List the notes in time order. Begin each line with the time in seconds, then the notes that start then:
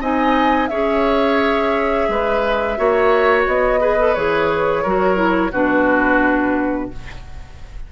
0.00 C4 D#4 D#5 G#5
0.67 C#4 G#4 C#5 E5
2.08 G#3 B4
2.77 A#3 F#4 C#5
3.46 B3 D#5
3.80 G#4 B4
3.98 A4
4.14 E3 G#4 C#5
4.83 F#3 F#4 A#4
5.15 E4
5.51 B2 D4 F#4 B4